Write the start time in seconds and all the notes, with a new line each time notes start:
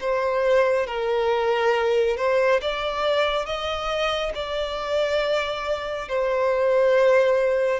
0.00 C5
0.87 A#4
2.17 C5
2.61 D5
3.45 D#5
4.34 D5
6.08 C5